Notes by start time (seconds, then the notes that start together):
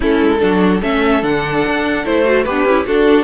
0.00 A3 C#4 E4 A4
0.21 G#3
0.40 F#3 D4 F#4
0.79 A3 C#4 A4 E5
1.21 D3 D4 F#5
1.66 D4
2.05 A3 E4 C5
2.24 F#4
2.43 B3 D4 G4 B4
2.64 C#4 E4
2.86 D4 F#4 A4